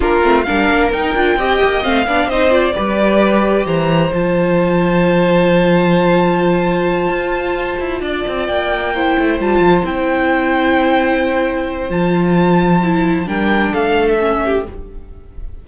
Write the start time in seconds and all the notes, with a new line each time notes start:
0.00 A#3 D4 F4 A#4
0.23 A3 C4
0.43 D4 A#4 F5
0.49 G3
0.70 A#3
0.92 D#4 G5
1.14 D4 F4
1.36 C4 G4 D#5
1.64 A#3
1.82 A3 C4 F5
2.06 B3 D4 D5
2.26 C4 D#4 C5 D#5
2.50 F4 D5
2.74 G3 G4 B4
3.65 E3 C5 A#5
4.12 F3 F4 A5
7.08 F4
7.79 E4
8.00 D4 D5
8.27 C4
8.46 A#3 G5
8.94 E4 C5
9.18 A3
9.39 G3 F4 A5
9.59 F3
9.84 C4 E4 G5
11.89 F3 F4 A5
12.83 E4
13.25 G3 D4 A#4 G5
13.71 A3 A4 F5
14.08 E5
14.19 C#4
14.44 G4